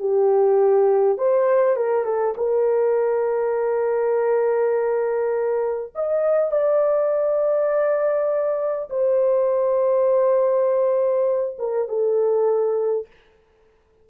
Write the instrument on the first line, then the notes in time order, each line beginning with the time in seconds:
horn
0.00 G4
1.18 C5
1.77 A#4
2.05 A4
2.37 A#4
5.96 D#5
6.52 D5
8.90 C5
11.59 A#4
11.89 A4